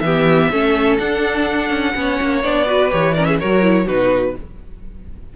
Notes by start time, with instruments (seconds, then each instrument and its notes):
0.00 cello E3, viola B3, violin G4 E5
0.51 cello A3, viola C#4, violin A4
0.98 viola D4, cello D4, violin F#5
1.70 cello C#4
1.94 cello B3, viola C#4, violin C#5
2.21 cello A#3
2.43 cello B3, viola D4, violin D5
2.66 viola F#4, violin B4
2.90 cello E3, viola G4, violin C#5
3.15 viola C#4, violin A#4 D5
3.25 violin G#4 E5
3.40 cello F#3, viola F#4, violin A#4 C#5
3.62 viola E4
3.85 cello B2, viola D#4, violin F#4 B4